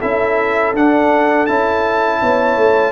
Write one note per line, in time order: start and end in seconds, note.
0.00 0.74 C#4
0.00 0.75 E4
0.00 2.20 A4
0.00 0.75 E5
0.74 1.48 D4
0.74 1.47 F#5
1.47 2.22 C#4
1.47 2.93 E4
1.47 2.93 A5
2.21 2.57 B3
2.21 2.93 C#5
2.57 2.93 A3